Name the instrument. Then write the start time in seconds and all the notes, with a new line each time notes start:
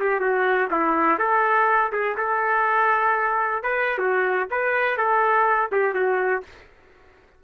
trumpet
0.00 G4
0.20 F#4
0.71 E4
1.19 A4
1.92 G#4
2.17 A4
3.63 B4
3.98 F#4
4.51 B4
4.97 A4
5.72 G4
5.94 F#4